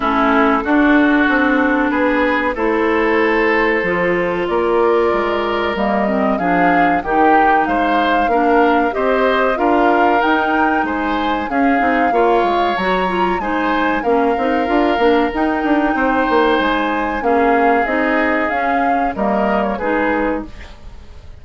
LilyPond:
<<
  \new Staff \with { instrumentName = "flute" } { \time 4/4 \tempo 4 = 94 a'2. b'4 | c''2. d''4~ | d''4 dis''4 f''4 g''4 | f''2 dis''4 f''4 |
g''4 gis''4 f''2 | ais''4 gis''4 f''2 | g''2 gis''4 f''4 | dis''4 f''4 dis''8. cis''16 b'4 | }
  \new Staff \with { instrumentName = "oboe" } { \time 4/4 e'4 fis'2 gis'4 | a'2. ais'4~ | ais'2 gis'4 g'4 | c''4 ais'4 c''4 ais'4~ |
ais'4 c''4 gis'4 cis''4~ | cis''4 c''4 ais'2~ | ais'4 c''2 gis'4~ | gis'2 ais'4 gis'4 | }
  \new Staff \with { instrumentName = "clarinet" } { \time 4/4 cis'4 d'2. | e'2 f'2~ | f'4 ais8 c'8 d'4 dis'4~ | dis'4 d'4 g'4 f'4 |
dis'2 cis'8 dis'8 f'4 | fis'8 f'8 dis'4 cis'8 dis'8 f'8 d'8 | dis'2. cis'4 | dis'4 cis'4 ais4 dis'4 | }
  \new Staff \with { instrumentName = "bassoon" } { \time 4/4 a4 d'4 c'4 b4 | a2 f4 ais4 | gis4 g4 f4 dis4 | gis4 ais4 c'4 d'4 |
dis'4 gis4 cis'8 c'8 ais8 gis8 | fis4 gis4 ais8 c'8 d'8 ais8 | dis'8 d'8 c'8 ais8 gis4 ais4 | c'4 cis'4 g4 gis4 | }
>>